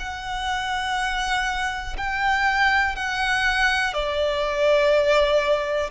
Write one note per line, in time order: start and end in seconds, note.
0.00 1.97 F#5
1.97 2.96 G5
2.96 3.93 F#5
3.93 5.90 D5